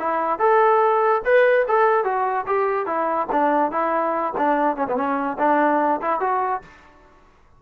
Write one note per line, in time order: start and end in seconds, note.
0.00 0.39 E4
0.39 1.22 A4
1.25 1.67 B4
1.69 2.05 A4
2.05 2.46 F#4
2.47 2.87 G4
2.87 3.28 E4
3.33 3.72 D4
3.72 4.34 E4
4.38 4.77 D4
4.77 4.88 C#4
4.88 4.96 B3
4.96 5.38 C#4
5.39 6.01 D4
6.02 6.21 E4
6.21 6.62 F#4